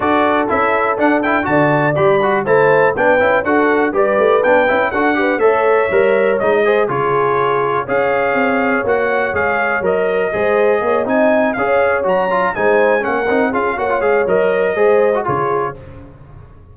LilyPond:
<<
  \new Staff \with { instrumentName = "trumpet" } { \time 4/4 \tempo 4 = 122 d''4 e''4 fis''8 g''8 a''4 | b''4 a''4 g''4 fis''4 | d''4 g''4 fis''4 e''4~ | e''4 dis''4 cis''2 |
f''2 fis''4 f''4 | dis''2~ dis''8 gis''4 f''8~ | f''8 ais''4 gis''4 fis''4 f''8 | fis''8 f''8 dis''2 cis''4 | }
  \new Staff \with { instrumentName = "horn" } { \time 4/4 a'2. d''4~ | d''4 c''4 b'4 a'4 | b'2 a'8 b'8 cis''4~ | cis''4. c''8 gis'2 |
cis''1~ | cis''4 c''4 cis''8 dis''4 cis''8~ | cis''4. c''4 ais'4 gis'8 | cis''2 c''4 gis'4 | }
  \new Staff \with { instrumentName = "trombone" } { \time 4/4 fis'4 e'4 d'8 e'8 fis'4 | g'8 fis'8 e'4 d'8 e'8 fis'4 | g'4 d'8 e'8 fis'8 g'8 a'4 | ais'4 dis'8 gis'8 f'2 |
gis'2 fis'4 gis'4 | ais'4 gis'4. dis'4 gis'8~ | gis'8 fis'8 f'8 dis'4 cis'8 dis'8 f'8 | fis'16 f'16 gis'8 ais'4 gis'8. fis'16 f'4 | }
  \new Staff \with { instrumentName = "tuba" } { \time 4/4 d'4 cis'4 d'4 d4 | g4 a4 b8 cis'8 d'4 | g8 a8 b8 cis'8 d'4 a4 | g4 gis4 cis2 |
cis'4 c'4 ais4 gis4 | fis4 gis4 ais8 c'4 cis'8~ | cis'8 fis4 gis4 ais8 c'8 cis'8 | ais8 gis8 fis4 gis4 cis4 | }
>>